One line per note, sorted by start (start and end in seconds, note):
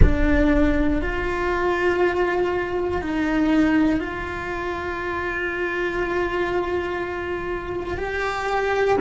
0.01 1.01 D4
1.01 3.01 F4
3.01 4.00 D#4
4.00 7.97 F4
7.97 8.97 G4